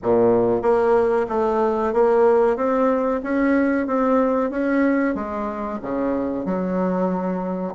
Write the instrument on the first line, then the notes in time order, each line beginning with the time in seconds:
bassoon
0.03 A#2
0.61 A#3
1.28 A3
1.93 A#3
2.56 C4
3.23 C#4
3.86 C4
4.50 C#4
5.14 G#3
5.82 C#3
6.45 F#3